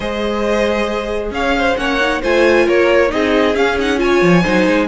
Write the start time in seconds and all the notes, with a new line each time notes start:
0.00 G#3 G#4 C5 D#5
1.31 C#4 C#5 F5
1.57 C5
1.77 A#3 C#4 C#5 F#5
2.00 D#4
2.21 A3 F4 C5 G#5
2.65 A#3 A#4 C#5
3.08 C4 D#4 G#4 D#5
3.54 C#4 F5
3.79 D#4 F#5
3.97 F4 C#5 G#5
4.21 F3
4.42 F#3 D#4 C5
4.66 G#3